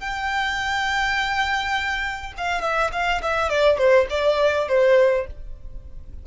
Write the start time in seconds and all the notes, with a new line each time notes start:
0.00 G5
2.37 F5
2.61 E5
2.93 F5
3.23 E5
3.50 D5
3.78 C5
4.10 D5
4.68 C5